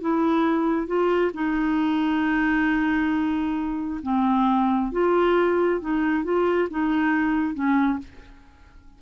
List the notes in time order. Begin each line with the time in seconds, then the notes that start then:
0.00 E4
0.87 F4
1.34 D#4
4.02 C4
4.91 F4
5.80 D#4
6.23 F4
6.70 D#4
7.54 C#4